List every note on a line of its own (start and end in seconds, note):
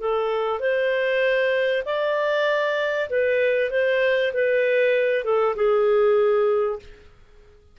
0.00 0.59 A4
0.59 1.83 C5
1.85 3.09 D5
3.09 3.70 B4
3.70 4.32 C5
4.33 5.24 B4
5.24 5.55 A4
5.56 6.79 G#4